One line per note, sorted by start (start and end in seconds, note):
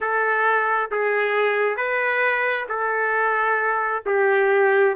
0.00 0.90 A4
0.91 1.76 G#4
1.76 2.66 B4
2.69 4.03 A4
4.05 4.95 G4